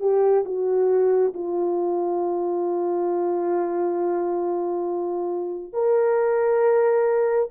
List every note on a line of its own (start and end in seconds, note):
0.00 0.44 G4
0.45 1.33 F#4
1.34 5.73 F4
5.73 7.49 A#4